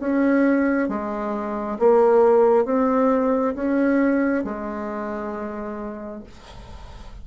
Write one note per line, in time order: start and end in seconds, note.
0.00 0.89 C#4
0.89 1.78 G#3
1.79 2.65 A#3
2.65 3.55 C4
3.55 4.45 C#4
4.45 6.24 G#3